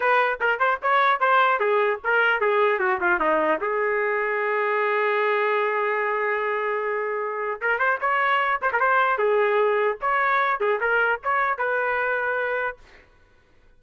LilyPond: \new Staff \with { instrumentName = "trumpet" } { \time 4/4 \tempo 4 = 150 b'4 ais'8 c''8 cis''4 c''4 | gis'4 ais'4 gis'4 fis'8 f'8 | dis'4 gis'2.~ | gis'1~ |
gis'2. ais'8 c''8 | cis''4. c''16 ais'16 c''4 gis'4~ | gis'4 cis''4. gis'8 ais'4 | cis''4 b'2. | }